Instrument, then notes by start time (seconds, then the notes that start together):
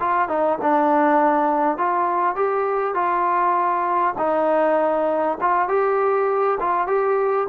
trombone
0.00 F4
0.28 D#4
0.62 D4
1.78 F4
2.35 G4
2.94 F4
4.18 D#4
5.41 F4
5.68 G4
6.60 F4
6.87 G4